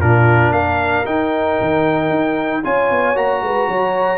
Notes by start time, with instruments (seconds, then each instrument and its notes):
0.00 tuba A#2, trombone D4, horn F4, trumpet A#4
0.51 tuba A#3, horn A#4, trumpet F5
1.05 trombone D#4, tuba D#4, trumpet G5
1.61 tuba D#3
2.10 tuba D#4
2.64 tuba C#4, trombone F4, horn C#5, trumpet G#5
2.91 tuba B3
3.15 tuba A#3, trombone F#4, trumpet A#5
3.42 tuba G#3, horn B4
3.68 tuba F#3, horn C#5